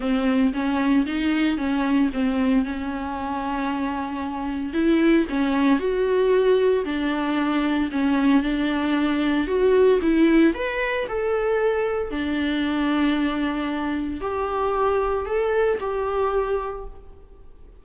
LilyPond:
\new Staff \with { instrumentName = "viola" } { \time 4/4 \tempo 4 = 114 c'4 cis'4 dis'4 cis'4 | c'4 cis'2.~ | cis'4 e'4 cis'4 fis'4~ | fis'4 d'2 cis'4 |
d'2 fis'4 e'4 | b'4 a'2 d'4~ | d'2. g'4~ | g'4 a'4 g'2 | }